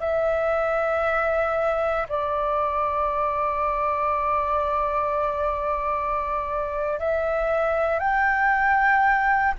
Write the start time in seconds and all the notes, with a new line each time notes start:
0.00 E5
2.09 D5
6.99 E5
7.99 G5